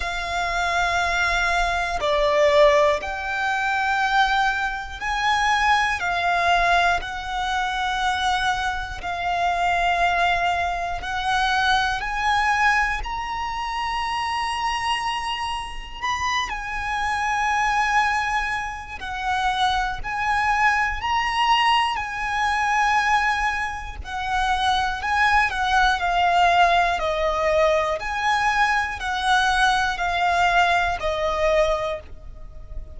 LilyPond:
\new Staff \with { instrumentName = "violin" } { \time 4/4 \tempo 4 = 60 f''2 d''4 g''4~ | g''4 gis''4 f''4 fis''4~ | fis''4 f''2 fis''4 | gis''4 ais''2. |
b''8 gis''2~ gis''8 fis''4 | gis''4 ais''4 gis''2 | fis''4 gis''8 fis''8 f''4 dis''4 | gis''4 fis''4 f''4 dis''4 | }